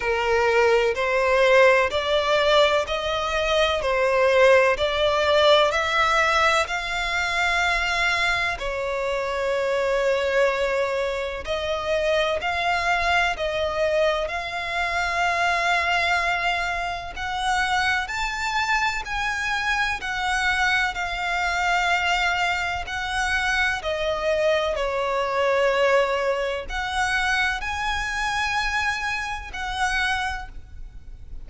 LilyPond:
\new Staff \with { instrumentName = "violin" } { \time 4/4 \tempo 4 = 63 ais'4 c''4 d''4 dis''4 | c''4 d''4 e''4 f''4~ | f''4 cis''2. | dis''4 f''4 dis''4 f''4~ |
f''2 fis''4 a''4 | gis''4 fis''4 f''2 | fis''4 dis''4 cis''2 | fis''4 gis''2 fis''4 | }